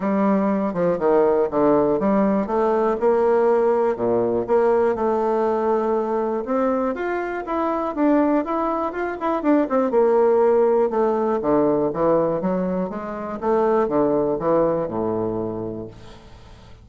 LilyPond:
\new Staff \with { instrumentName = "bassoon" } { \time 4/4 \tempo 4 = 121 g4. f8 dis4 d4 | g4 a4 ais2 | ais,4 ais4 a2~ | a4 c'4 f'4 e'4 |
d'4 e'4 f'8 e'8 d'8 c'8 | ais2 a4 d4 | e4 fis4 gis4 a4 | d4 e4 a,2 | }